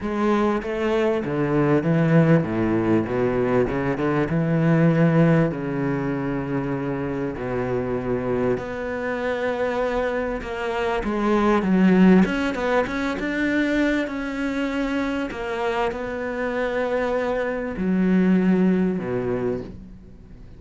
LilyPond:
\new Staff \with { instrumentName = "cello" } { \time 4/4 \tempo 4 = 98 gis4 a4 d4 e4 | a,4 b,4 cis8 d8 e4~ | e4 cis2. | b,2 b2~ |
b4 ais4 gis4 fis4 | cis'8 b8 cis'8 d'4. cis'4~ | cis'4 ais4 b2~ | b4 fis2 b,4 | }